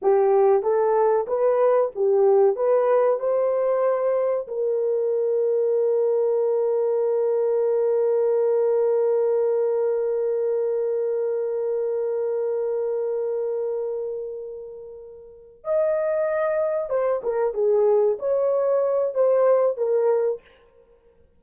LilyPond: \new Staff \with { instrumentName = "horn" } { \time 4/4 \tempo 4 = 94 g'4 a'4 b'4 g'4 | b'4 c''2 ais'4~ | ais'1~ | ais'1~ |
ais'1~ | ais'1~ | ais'8 dis''2 c''8 ais'8 gis'8~ | gis'8 cis''4. c''4 ais'4 | }